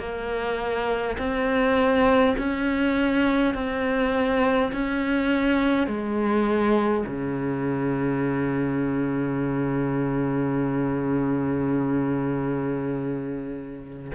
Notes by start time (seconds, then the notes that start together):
0.00 A#3
1.19 C4
2.39 C#4
3.55 C4
4.73 C#4
5.88 G#3
7.06 C#3